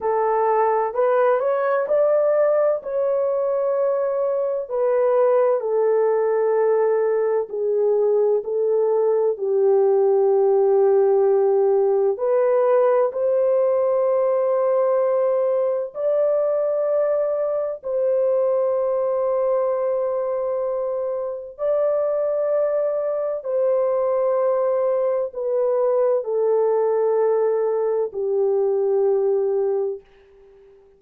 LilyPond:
\new Staff \with { instrumentName = "horn" } { \time 4/4 \tempo 4 = 64 a'4 b'8 cis''8 d''4 cis''4~ | cis''4 b'4 a'2 | gis'4 a'4 g'2~ | g'4 b'4 c''2~ |
c''4 d''2 c''4~ | c''2. d''4~ | d''4 c''2 b'4 | a'2 g'2 | }